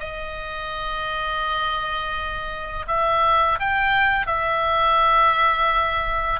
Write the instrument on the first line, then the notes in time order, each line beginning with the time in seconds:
oboe
0.00 D#5
2.87 E5
3.59 G5
4.26 E5